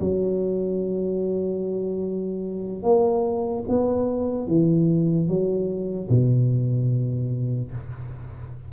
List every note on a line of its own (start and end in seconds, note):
0.00 2.83 F#3
2.83 3.64 A#3
3.69 4.47 B3
4.47 5.28 E3
5.28 6.09 F#3
6.09 7.71 B2